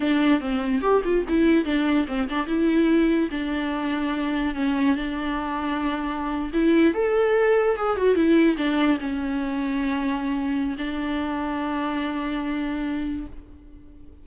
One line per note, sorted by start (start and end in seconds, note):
0.00 0.40 D4
0.40 0.81 C4
0.81 1.02 G4
1.04 1.25 F4
1.28 1.65 E4
1.65 2.06 D4
2.07 2.28 C4
2.29 2.46 D4
2.46 3.29 E4
3.30 4.54 D4
4.54 4.96 C#4
4.96 6.51 D4
6.53 6.94 E4
6.94 7.76 A4
7.76 7.96 G#4
7.96 8.15 F#4
8.15 8.56 E4
8.57 8.98 D4
9.00 10.75 C#4
10.78 13.26 D4